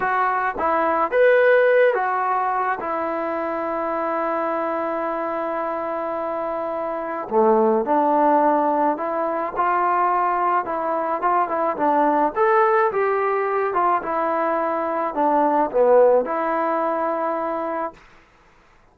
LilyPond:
\new Staff \with { instrumentName = "trombone" } { \time 4/4 \tempo 4 = 107 fis'4 e'4 b'4. fis'8~ | fis'4 e'2.~ | e'1~ | e'4 a4 d'2 |
e'4 f'2 e'4 | f'8 e'8 d'4 a'4 g'4~ | g'8 f'8 e'2 d'4 | b4 e'2. | }